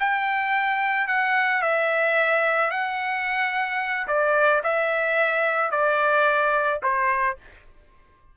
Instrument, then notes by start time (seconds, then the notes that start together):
trumpet
0.00 G5
1.07 F#5
1.62 E5
2.71 F#5
4.07 D5
4.63 E5
5.71 D5
6.83 C5